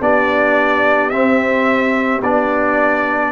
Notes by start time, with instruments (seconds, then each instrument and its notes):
0.00 tuba B3, trombone D4, horn G4, trumpet D5
1.10 tuba C4, trombone C4, trumpet E5
2.22 tuba B3, trombone D4, trumpet D5